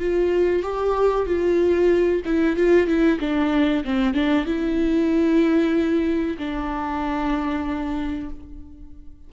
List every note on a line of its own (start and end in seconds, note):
0.00 0.64 F4
0.64 1.27 G4
1.27 2.23 F4
2.26 2.57 E4
2.57 2.88 F4
2.88 3.19 E4
3.21 3.84 D4
3.85 4.15 C4
4.15 4.46 D4
4.46 6.38 E4
6.39 8.30 D4